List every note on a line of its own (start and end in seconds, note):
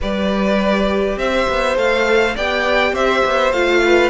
0.00 1.16 G3
0.00 1.75 G4
0.00 1.18 B4
0.00 1.18 D5
1.16 1.46 C4
1.16 2.35 C5
1.16 1.77 E5
1.48 1.77 B3
1.75 2.35 A3
1.75 2.34 A4
1.75 2.36 F5
2.35 2.92 B3
2.35 3.54 G4
2.35 2.93 D5
2.35 2.94 G5
2.92 3.21 C4
2.92 3.82 C5
2.92 3.52 E5
3.25 3.52 B3
3.52 4.10 A3
3.52 4.10 F4
3.52 4.10 F5
3.85 4.10 B4